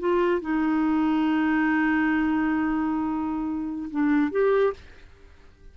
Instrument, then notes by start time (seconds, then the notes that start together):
clarinet
0.00 F4
0.41 D#4
3.91 D4
4.31 G4